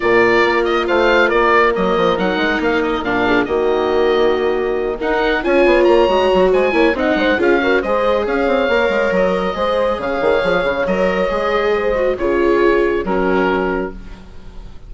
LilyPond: <<
  \new Staff \with { instrumentName = "oboe" } { \time 4/4 \tempo 4 = 138 d''4. dis''8 f''4 d''4 | dis''4 fis''4 f''8 dis''8 f''4 | dis''2.~ dis''8 fis''8~ | fis''8 gis''4 ais''4. gis''4 |
fis''4 f''4 dis''4 f''4~ | f''4 dis''2 f''4~ | f''4 dis''2. | cis''2 ais'2 | }
  \new Staff \with { instrumentName = "horn" } { \time 4/4 ais'2 c''4 ais'4~ | ais'2.~ ais'8 gis'8 | fis'2.~ fis'8 ais'8~ | ais'8 cis''2~ cis''8 c''8 cis''8 |
dis''8 c''8 gis'8 ais'8 c''4 cis''4~ | cis''2 c''4 cis''4~ | cis''2. c''4 | gis'2 fis'2 | }
  \new Staff \with { instrumentName = "viola" } { \time 4/4 f'1 | ais4 dis'2 d'4 | ais2.~ ais8 dis'8~ | dis'8 f'4. fis'4. e'8 |
dis'4 f'8 fis'8 gis'2 | ais'2 gis'2~ | gis'4 ais'4 gis'4. fis'8 | f'2 cis'2 | }
  \new Staff \with { instrumentName = "bassoon" } { \time 4/4 ais,4 ais4 a4 ais4 | fis8 f8 fis8 gis8 ais4 ais,4 | dis2.~ dis8 dis'8~ | dis'8 cis'8 b8 ais8 gis8 fis8 gis8 ais8 |
c'8 gis8 cis'4 gis4 cis'8 c'8 | ais8 gis8 fis4 gis4 cis8 dis8 | f8 cis8 fis4 gis2 | cis2 fis2 | }
>>